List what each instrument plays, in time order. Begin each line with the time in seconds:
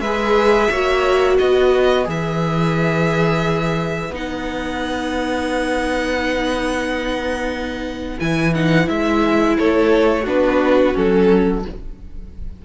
0.00 cello G#3, viola G#4, violin B4 E5
0.71 cello A#3, viola F#4, violin C#5
1.36 cello B3, violin B4 D#5
2.05 cello E3, viola G#4, violin E5
4.09 cello B3, viola D#4
4.15 violin F#5
8.20 cello E3, viola E4, violin G#5
8.54 viola D#4, violin F#5
8.85 cello G#3, viola E4, violin E5
9.58 cello A3, violin A4 C#5
10.22 cello B3, viola D4, violin F#4
10.29 violin B4
10.94 cello F#3, viola C#4, violin A4